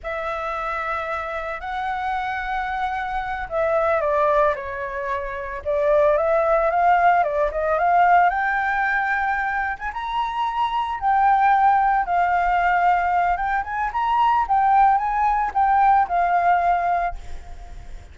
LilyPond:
\new Staff \with { instrumentName = "flute" } { \time 4/4 \tempo 4 = 112 e''2. fis''4~ | fis''2~ fis''8 e''4 d''8~ | d''8 cis''2 d''4 e''8~ | e''8 f''4 d''8 dis''8 f''4 g''8~ |
g''2~ g''16 gis''16 ais''4.~ | ais''8 g''2 f''4.~ | f''4 g''8 gis''8 ais''4 g''4 | gis''4 g''4 f''2 | }